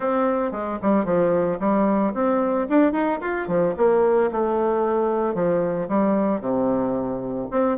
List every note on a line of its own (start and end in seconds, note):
0.00 0.51 C4
0.51 0.78 G#3
0.82 1.04 G3
1.04 1.58 F3
1.59 2.13 G3
2.14 2.67 C4
2.69 2.92 D4
2.92 3.19 D#4
3.20 3.47 F4
3.47 3.74 F3
3.77 4.31 A#3
4.31 5.34 A3
5.34 5.88 F3
5.88 6.40 G3
6.40 7.48 C3
7.50 7.77 C4